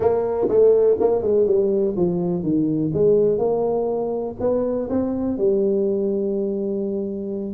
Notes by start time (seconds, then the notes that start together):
0.00 A#3
0.48 A3
1.00 A#3
1.22 G#3
1.46 G3
1.96 F3
2.42 D#3
2.93 G#3
3.38 A#3
4.39 B3
4.89 C4
5.37 G3